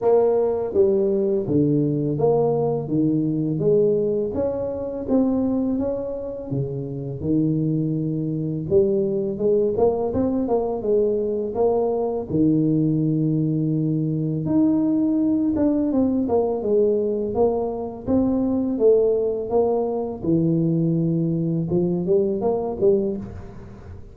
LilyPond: \new Staff \with { instrumentName = "tuba" } { \time 4/4 \tempo 4 = 83 ais4 g4 d4 ais4 | dis4 gis4 cis'4 c'4 | cis'4 cis4 dis2 | g4 gis8 ais8 c'8 ais8 gis4 |
ais4 dis2. | dis'4. d'8 c'8 ais8 gis4 | ais4 c'4 a4 ais4 | e2 f8 g8 ais8 g8 | }